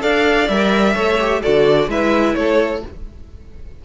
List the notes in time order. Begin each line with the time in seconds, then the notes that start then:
0.00 D4 A4 D5 F5
0.49 G3 A#4 E5
0.94 A3 A4 C#5
1.20 G4
1.42 D3 F#4 A4 D5
1.88 G#3 E4 B4 E5
2.35 A3 A4 C#5